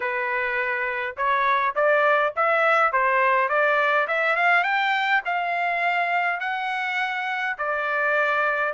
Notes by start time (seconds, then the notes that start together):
0.00 B4
1.16 C#5
1.75 D5
2.35 E5
2.92 C5
3.48 D5
4.07 E5
4.36 F5
4.63 G5
5.25 F5
6.40 F#5
7.57 D5